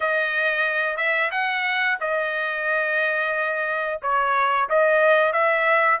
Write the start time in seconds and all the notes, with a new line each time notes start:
0.00 D#5
0.97 E5
1.31 F#5
2.00 D#5
4.02 C#5
4.69 D#5
5.32 E5